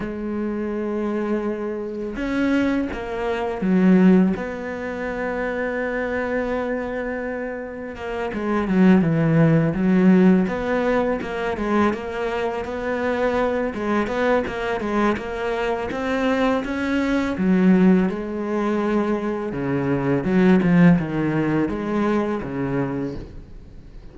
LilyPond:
\new Staff \with { instrumentName = "cello" } { \time 4/4 \tempo 4 = 83 gis2. cis'4 | ais4 fis4 b2~ | b2. ais8 gis8 | fis8 e4 fis4 b4 ais8 |
gis8 ais4 b4. gis8 b8 | ais8 gis8 ais4 c'4 cis'4 | fis4 gis2 cis4 | fis8 f8 dis4 gis4 cis4 | }